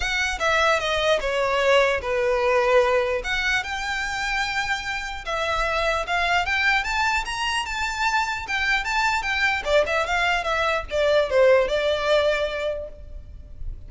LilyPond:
\new Staff \with { instrumentName = "violin" } { \time 4/4 \tempo 4 = 149 fis''4 e''4 dis''4 cis''4~ | cis''4 b'2. | fis''4 g''2.~ | g''4 e''2 f''4 |
g''4 a''4 ais''4 a''4~ | a''4 g''4 a''4 g''4 | d''8 e''8 f''4 e''4 d''4 | c''4 d''2. | }